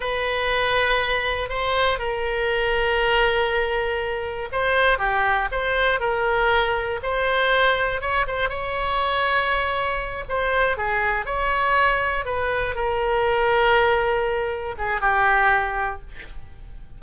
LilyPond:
\new Staff \with { instrumentName = "oboe" } { \time 4/4 \tempo 4 = 120 b'2. c''4 | ais'1~ | ais'4 c''4 g'4 c''4 | ais'2 c''2 |
cis''8 c''8 cis''2.~ | cis''8 c''4 gis'4 cis''4.~ | cis''8 b'4 ais'2~ ais'8~ | ais'4. gis'8 g'2 | }